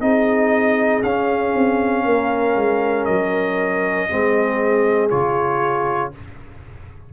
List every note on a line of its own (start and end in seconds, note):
0.00 1.02 C4
0.00 1.02 D#4
0.00 2.04 G#4
0.00 1.02 D#5
1.02 1.53 C#4
1.02 4.09 C#4
1.02 3.04 F5
1.54 2.05 C4
2.04 2.56 A#3
2.04 4.08 A#4
2.56 3.06 G#3
3.04 4.08 F#3
3.04 5.08 D#5
4.08 5.11 G#3
4.08 5.10 C4
4.08 6.12 G#4
5.10 6.12 C#3
5.10 6.11 F4
5.10 6.11 C#5